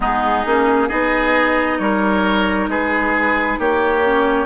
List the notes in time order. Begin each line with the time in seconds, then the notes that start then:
0.00 G#3 B3 D#4 G#4
0.45 A#3 C#4
0.88 B3 D#4 G#4 D#5
1.79 G3 A#4 C#5
2.68 G#3 G#4 B4
3.59 A#3 G4 C#5
4.04 C#4